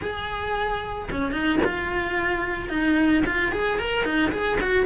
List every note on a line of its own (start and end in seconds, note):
0.01 1.09 G#4
1.11 1.32 C#4
1.32 1.59 D#4
1.64 2.69 F4
2.69 3.23 D#4
3.25 3.52 F4
3.52 3.79 G#4
3.79 4.04 A#4
4.04 4.31 D#4
4.31 4.58 G#4
4.61 4.85 F#4